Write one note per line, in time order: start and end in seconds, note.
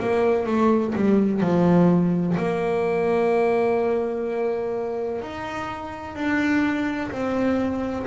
0.00 0.46 A#3
0.46 0.94 A3
0.95 1.41 G3
1.41 2.36 F3
2.37 5.22 A#3
5.22 6.15 D#4
6.15 7.10 D4
7.11 8.06 C4